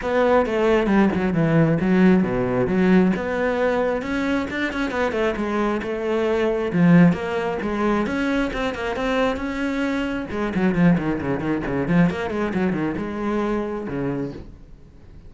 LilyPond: \new Staff \with { instrumentName = "cello" } { \time 4/4 \tempo 4 = 134 b4 a4 g8 fis8 e4 | fis4 b,4 fis4 b4~ | b4 cis'4 d'8 cis'8 b8 a8 | gis4 a2 f4 |
ais4 gis4 cis'4 c'8 ais8 | c'4 cis'2 gis8 fis8 | f8 dis8 cis8 dis8 cis8 f8 ais8 gis8 | fis8 dis8 gis2 cis4 | }